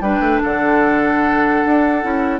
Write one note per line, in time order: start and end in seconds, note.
0.00 0.19 G3
0.00 2.02 D4
0.00 0.42 B4
0.00 0.41 G5
0.19 0.39 A3
0.42 1.64 D3
0.42 2.39 A4
0.42 2.39 F#5
1.65 2.04 D4
2.02 2.39 C#4
2.02 2.39 E4